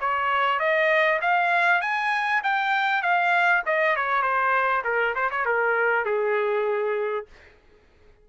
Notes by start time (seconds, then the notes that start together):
0.00 C#5
0.59 D#5
1.21 F5
1.81 G#5
2.43 G5
3.02 F5
3.66 D#5
3.96 C#5
4.22 C5
4.84 A#4
5.15 C5
5.30 C#5
5.45 A#4
6.04 G#4